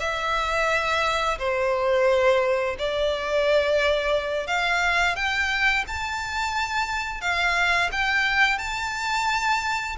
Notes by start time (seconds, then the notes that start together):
0.00 E5
1.39 C5
2.79 D5
4.47 F5
5.16 G5
5.87 A5
7.21 F5
7.92 G5
8.58 A5